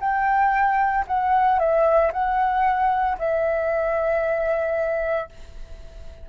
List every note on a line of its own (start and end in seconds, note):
0.00 1.05 G5
1.07 1.59 F#5
1.59 2.11 E5
2.12 3.18 F#5
3.19 5.29 E5